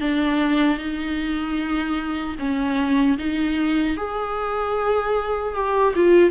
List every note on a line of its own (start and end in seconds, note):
0.00 0.78 D4
0.78 2.36 D#4
2.38 3.17 C#4
3.18 3.97 D#4
3.97 5.54 G#4
5.54 5.94 G4
5.95 6.30 F4